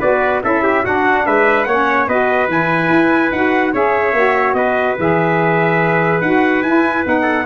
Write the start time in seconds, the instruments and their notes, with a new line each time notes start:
0.00 tuba B3, saxophone F#4, trumpet B4 D5
0.43 tuba C#4, saxophone E4, trumpet A4 E5
0.63 trumpet G4
0.84 saxophone D4, tuba D4, trumpet F#4 F#5
1.26 tuba G#3, trumpet B4 E5
1.64 tuba A#3, trumpet C#5 F#5
1.70 saxophone C#4
2.08 tuba B3, saxophone F#4, trumpet B4 D#5
2.48 tuba E3, saxophone E4, trumpet G#5
2.90 tuba E4
3.32 tuba D#4, saxophone F#4, trumpet F#5
3.73 tuba C#4, saxophone G#4, trumpet C#5 E5
4.13 tuba A#3, saxophone F#4
4.54 tuba B3, trumpet B4 D#5
4.99 tuba E3, saxophone G#4, trumpet E5
6.21 tuba D#4, saxophone F#4, trumpet F#5
6.63 tuba E4, saxophone E4, trumpet G#5
7.05 tuba B3, saxophone D#4, trumpet F#5
7.22 trumpet A4